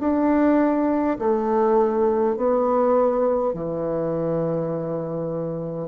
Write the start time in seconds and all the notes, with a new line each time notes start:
0.00 D4
1.19 A3
2.36 B3
3.53 E3